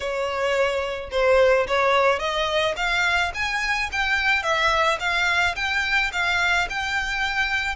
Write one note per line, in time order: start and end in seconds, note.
0.00 1.10 C#5
1.11 1.67 C5
1.67 2.19 C#5
2.19 2.74 D#5
2.76 3.32 F5
3.34 3.89 G#5
3.92 4.42 G5
4.42 4.98 E5
4.99 5.55 F5
5.55 6.11 G5
6.12 6.68 F5
6.69 7.75 G5